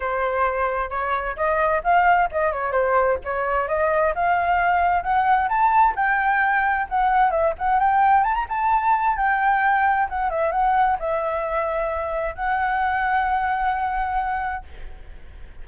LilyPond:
\new Staff \with { instrumentName = "flute" } { \time 4/4 \tempo 4 = 131 c''2 cis''4 dis''4 | f''4 dis''8 cis''8 c''4 cis''4 | dis''4 f''2 fis''4 | a''4 g''2 fis''4 |
e''8 fis''8 g''4 a''16 ais''16 a''4. | g''2 fis''8 e''8 fis''4 | e''2. fis''4~ | fis''1 | }